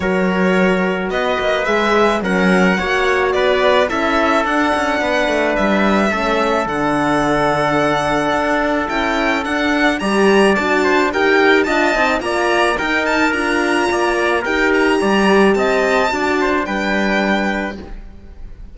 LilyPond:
<<
  \new Staff \with { instrumentName = "violin" } { \time 4/4 \tempo 4 = 108 cis''2 dis''4 e''4 | fis''2 d''4 e''4 | fis''2 e''2 | fis''1 |
g''4 fis''4 ais''4 a''4 | g''4 a''4 ais''4 g''8 a''8 | ais''2 g''8 ais''4. | a''2 g''2 | }
  \new Staff \with { instrumentName = "trumpet" } { \time 4/4 ais'2 b'2 | ais'4 cis''4 b'4 a'4~ | a'4 b'2 a'4~ | a'1~ |
a'2 d''4. c''8 | ais'4 dis''4 d''4 ais'4~ | ais'4 d''4 ais'4 d''4 | dis''4 d''8 c''8 b'2 | }
  \new Staff \with { instrumentName = "horn" } { \time 4/4 fis'2. gis'4 | cis'4 fis'2 e'4 | d'2. cis'4 | d'1 |
e'4 d'4 g'4 fis'4 | g'4 f'8 dis'8 f'4 dis'4 | f'2 g'2~ | g'4 fis'4 d'2 | }
  \new Staff \with { instrumentName = "cello" } { \time 4/4 fis2 b8 ais8 gis4 | fis4 ais4 b4 cis'4 | d'8 cis'8 b8 a8 g4 a4 | d2. d'4 |
cis'4 d'4 g4 d'4 | dis'4 d'8 c'8 ais4 dis'4 | d'4 ais4 dis'4 g4 | c'4 d'4 g2 | }
>>